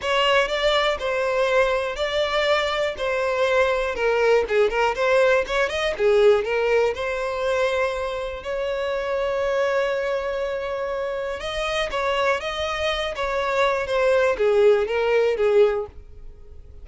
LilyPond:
\new Staff \with { instrumentName = "violin" } { \time 4/4 \tempo 4 = 121 cis''4 d''4 c''2 | d''2 c''2 | ais'4 gis'8 ais'8 c''4 cis''8 dis''8 | gis'4 ais'4 c''2~ |
c''4 cis''2.~ | cis''2. dis''4 | cis''4 dis''4. cis''4. | c''4 gis'4 ais'4 gis'4 | }